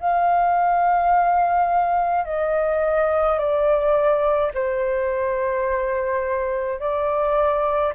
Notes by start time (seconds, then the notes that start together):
0.00 F5
2.25 D#5
3.39 D5
4.54 C5
6.80 D5